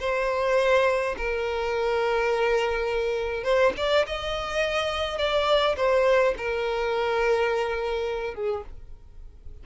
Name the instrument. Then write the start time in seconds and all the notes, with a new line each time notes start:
violin
0.00 C5
1.17 A#4
3.44 C5
3.77 D5
4.07 D#5
5.18 D5
5.77 C5
6.38 A#4
8.35 G#4